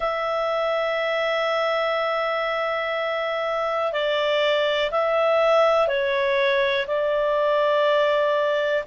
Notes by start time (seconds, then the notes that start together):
0.00 E5
3.92 D5
4.91 E5
5.87 C#5
6.87 D5